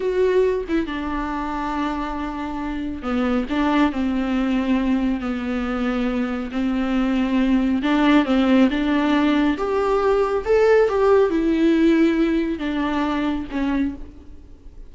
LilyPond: \new Staff \with { instrumentName = "viola" } { \time 4/4 \tempo 4 = 138 fis'4. e'8 d'2~ | d'2. b4 | d'4 c'2. | b2. c'4~ |
c'2 d'4 c'4 | d'2 g'2 | a'4 g'4 e'2~ | e'4 d'2 cis'4 | }